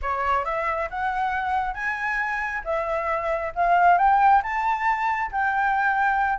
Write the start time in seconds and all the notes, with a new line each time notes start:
0.02 C#5
0.45 E5
0.90 F#5
1.73 G#5
2.64 E5
3.55 F5
3.97 G5
4.42 A5
5.31 G5